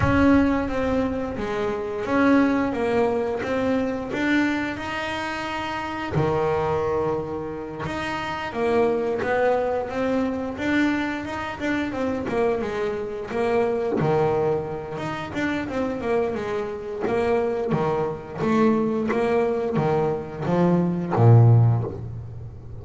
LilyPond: \new Staff \with { instrumentName = "double bass" } { \time 4/4 \tempo 4 = 88 cis'4 c'4 gis4 cis'4 | ais4 c'4 d'4 dis'4~ | dis'4 dis2~ dis8 dis'8~ | dis'8 ais4 b4 c'4 d'8~ |
d'8 dis'8 d'8 c'8 ais8 gis4 ais8~ | ais8 dis4. dis'8 d'8 c'8 ais8 | gis4 ais4 dis4 a4 | ais4 dis4 f4 ais,4 | }